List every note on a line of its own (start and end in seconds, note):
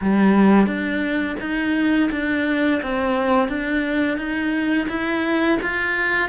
0.01 0.66 G3
0.66 1.36 D4
1.40 2.09 D#4
2.11 2.81 D4
2.82 3.48 C4
3.48 4.17 D4
4.17 4.87 D#4
4.88 5.58 E4
5.62 6.29 F4